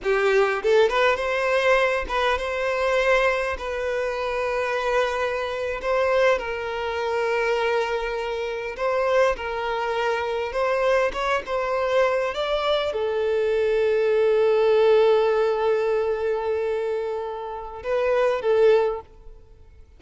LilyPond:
\new Staff \with { instrumentName = "violin" } { \time 4/4 \tempo 4 = 101 g'4 a'8 b'8 c''4. b'8 | c''2 b'2~ | b'4.~ b'16 c''4 ais'4~ ais'16~ | ais'2~ ais'8. c''4 ais'16~ |
ais'4.~ ais'16 c''4 cis''8 c''8.~ | c''8. d''4 a'2~ a'16~ | a'1~ | a'2 b'4 a'4 | }